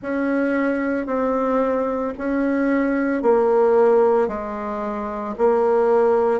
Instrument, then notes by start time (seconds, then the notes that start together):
bassoon
0.02 C#4
1.06 C4
2.18 C#4
3.22 A#3
4.28 G#3
5.38 A#3